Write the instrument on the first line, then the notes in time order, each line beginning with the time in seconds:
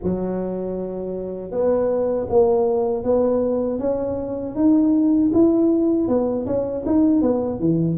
tuba
0.03 F#3
1.51 B3
2.29 A#3
3.03 B3
3.79 C#4
4.55 D#4
5.33 E4
6.08 B3
6.46 C#4
6.86 D#4
7.21 B3
7.59 E3